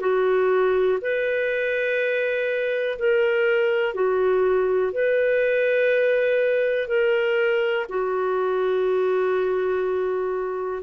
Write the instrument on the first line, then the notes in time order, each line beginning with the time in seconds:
clarinet
0.00 F#4
1.01 B4
2.98 A#4
3.94 F#4
4.92 B4
6.87 A#4
7.89 F#4